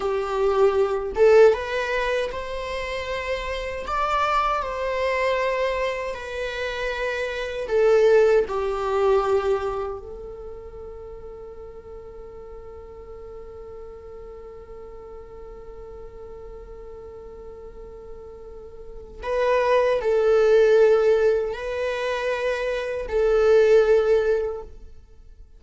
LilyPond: \new Staff \with { instrumentName = "viola" } { \time 4/4 \tempo 4 = 78 g'4. a'8 b'4 c''4~ | c''4 d''4 c''2 | b'2 a'4 g'4~ | g'4 a'2.~ |
a'1~ | a'1~ | a'4 b'4 a'2 | b'2 a'2 | }